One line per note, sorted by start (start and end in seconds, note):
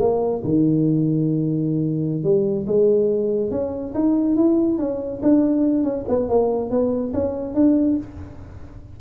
0.00 0.43 A#3
0.44 2.23 D#3
2.23 2.66 G3
2.67 3.51 G#3
3.51 3.93 C#4
3.94 4.36 D#4
4.36 4.78 E4
4.78 5.21 C#4
5.22 5.83 D4
5.83 6.05 C#4
6.08 6.29 B3
6.29 6.70 A#3
6.70 7.13 B3
7.13 7.54 C#4
7.54 7.97 D4